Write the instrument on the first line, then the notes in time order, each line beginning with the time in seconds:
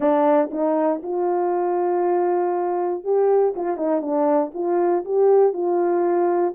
horn
0.00 D4
0.51 D#4
1.02 F4
3.03 G4
3.55 F4
3.76 D#4
4.01 D4
4.54 F4
5.04 G4
5.53 F4